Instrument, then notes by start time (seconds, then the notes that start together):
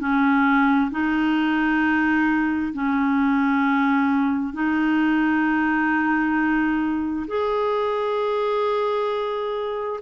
clarinet
0.00 C#4
0.91 D#4
2.74 C#4
4.54 D#4
7.28 G#4